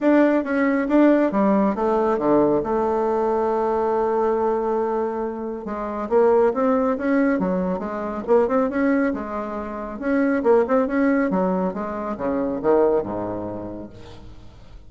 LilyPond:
\new Staff \with { instrumentName = "bassoon" } { \time 4/4 \tempo 4 = 138 d'4 cis'4 d'4 g4 | a4 d4 a2~ | a1~ | a4 gis4 ais4 c'4 |
cis'4 fis4 gis4 ais8 c'8 | cis'4 gis2 cis'4 | ais8 c'8 cis'4 fis4 gis4 | cis4 dis4 gis,2 | }